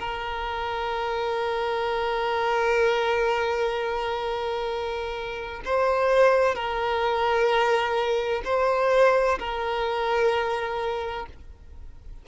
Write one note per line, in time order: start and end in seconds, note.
0.00 5.62 A#4
5.65 6.55 C5
6.55 8.43 A#4
8.45 9.39 C5
9.39 11.27 A#4